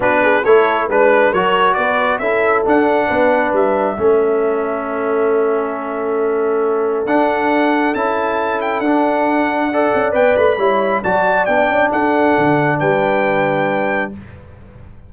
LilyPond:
<<
  \new Staff \with { instrumentName = "trumpet" } { \time 4/4 \tempo 4 = 136 b'4 cis''4 b'4 cis''4 | d''4 e''4 fis''2 | e''1~ | e''1 |
fis''2 a''4. g''8 | fis''2. g''8 b''8~ | b''4 a''4 g''4 fis''4~ | fis''4 g''2. | }
  \new Staff \with { instrumentName = "horn" } { \time 4/4 fis'8 gis'8 a'4 b'4 ais'4 | b'4 a'2 b'4~ | b'4 a'2.~ | a'1~ |
a'1~ | a'2 d''2 | cis''4 d''2 a'4~ | a'4 b'2. | }
  \new Staff \with { instrumentName = "trombone" } { \time 4/4 d'4 e'4 d'4 fis'4~ | fis'4 e'4 d'2~ | d'4 cis'2.~ | cis'1 |
d'2 e'2 | d'2 a'4 b'4 | e'4 fis'4 d'2~ | d'1 | }
  \new Staff \with { instrumentName = "tuba" } { \time 4/4 b4 a4 gis4 fis4 | b4 cis'4 d'4 b4 | g4 a2.~ | a1 |
d'2 cis'2 | d'2~ d'8 cis'8 b8 a8 | g4 fis4 b8 cis'8 d'4 | d4 g2. | }
>>